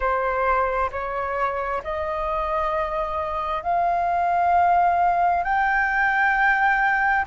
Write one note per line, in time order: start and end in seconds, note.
0.00 0.90 C5
0.91 1.82 C#5
1.83 3.62 D#5
3.62 5.43 F5
5.43 7.25 G5